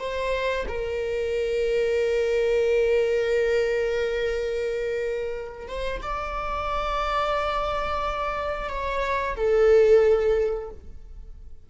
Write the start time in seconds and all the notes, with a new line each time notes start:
0.00 C5
0.68 A#4
5.68 C5
6.03 D5
8.69 C#5
9.37 A4